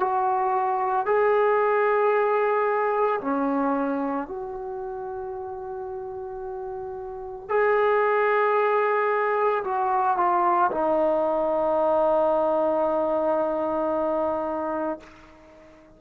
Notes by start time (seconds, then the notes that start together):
0.00 F#4
1.06 G#4
3.21 C#4
4.28 F#4
7.49 G#4
9.64 F#4
10.17 F4
10.71 D#4